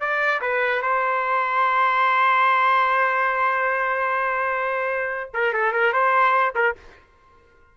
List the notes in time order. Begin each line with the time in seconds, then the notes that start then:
0.00 D5
0.41 B4
0.82 C5
5.34 A#4
5.53 A4
5.73 A#4
5.93 C5
6.55 A#4